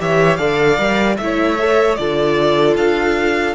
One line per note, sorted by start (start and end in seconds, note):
0.00 0.39 E3
0.00 0.39 G4
0.00 0.39 C#5
0.00 0.37 E5
0.37 0.79 D3
0.37 0.78 A4
0.37 1.18 D5
0.37 1.16 F5
0.78 1.18 G3
0.78 1.17 A#4
1.18 1.98 A3
1.18 1.59 E4
1.18 1.96 E5
1.24 2.00 C#5
1.59 1.98 A4
1.96 2.77 D3
1.96 3.55 F4
1.96 3.55 A4
1.96 2.75 D5
2.77 3.55 D4
2.77 3.55 F5